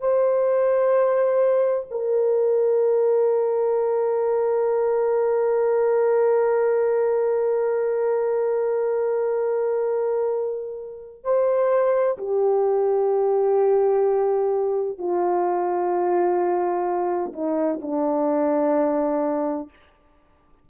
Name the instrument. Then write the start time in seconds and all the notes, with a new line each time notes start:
horn
0.00 C5
1.91 A#4
11.24 C5
12.18 G4
14.98 F4
17.33 D#4
17.82 D4